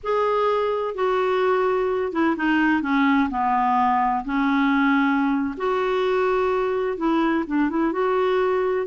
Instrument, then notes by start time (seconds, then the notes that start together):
clarinet
0.03 G#4
0.94 F#4
2.12 E4
2.36 D#4
2.82 C#4
3.29 B3
4.24 C#4
5.57 F#4
6.97 E4
7.46 D4
7.69 E4
7.92 F#4